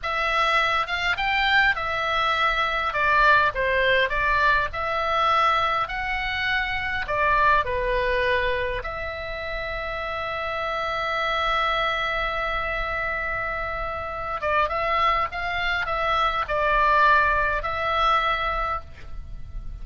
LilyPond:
\new Staff \with { instrumentName = "oboe" } { \time 4/4 \tempo 4 = 102 e''4. f''8 g''4 e''4~ | e''4 d''4 c''4 d''4 | e''2 fis''2 | d''4 b'2 e''4~ |
e''1~ | e''1~ | e''8 d''8 e''4 f''4 e''4 | d''2 e''2 | }